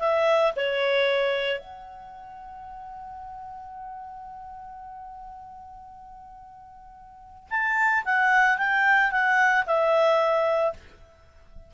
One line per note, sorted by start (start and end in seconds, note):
0.00 0.54 E5
0.56 1.60 C#5
1.60 7.49 F#5
7.50 8.04 A5
8.06 8.58 F#5
8.58 9.12 G5
9.12 9.65 F#5
9.67 10.74 E5